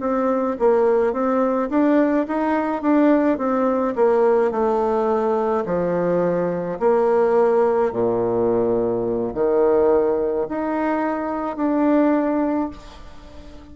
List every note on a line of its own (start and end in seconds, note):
0.00 0.57 C4
0.59 1.13 A#3
1.13 1.69 C4
1.69 2.26 D4
2.27 2.82 D#4
2.82 3.38 D4
3.38 3.95 C4
3.96 4.51 A#3
4.51 5.64 A3
5.66 6.79 F3
6.80 7.92 A#3
7.92 9.33 A#2
9.34 10.47 D#3
10.49 11.57 D#4
11.57 12.70 D4